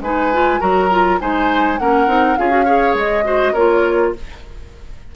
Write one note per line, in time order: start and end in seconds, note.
0.00 0.59 G#3
0.00 0.33 D#4
0.00 0.60 B4
0.00 0.61 G#5
0.33 0.60 F4
0.60 1.21 F#3
0.60 0.89 F#4
0.60 1.19 A#4
0.60 1.19 A#5
0.91 1.20 F4
1.20 1.79 G#3
1.20 1.79 D#4
1.20 1.80 C5
1.20 1.78 G#5
1.78 2.07 A#3
1.78 2.07 C#4
1.78 2.39 A#4
1.78 2.37 F#5
2.07 2.36 C4
2.07 2.37 D#4
2.37 2.94 C#4
2.37 2.50 F4
2.37 2.65 G#4
2.37 2.95 F5
2.50 2.64 F#4
2.65 3.24 G#4
2.65 3.24 C#5
2.94 3.53 G#3
2.94 3.54 D#5
3.24 3.53 F#4
3.24 3.53 C5
3.53 4.13 A#3
3.53 4.16 F4
3.53 4.12 A#4
3.53 4.13 C#5